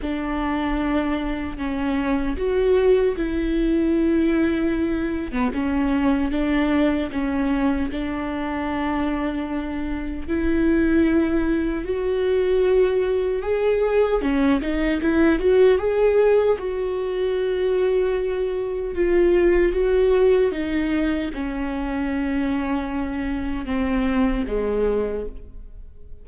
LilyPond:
\new Staff \with { instrumentName = "viola" } { \time 4/4 \tempo 4 = 76 d'2 cis'4 fis'4 | e'2~ e'8. b16 cis'4 | d'4 cis'4 d'2~ | d'4 e'2 fis'4~ |
fis'4 gis'4 cis'8 dis'8 e'8 fis'8 | gis'4 fis'2. | f'4 fis'4 dis'4 cis'4~ | cis'2 c'4 gis4 | }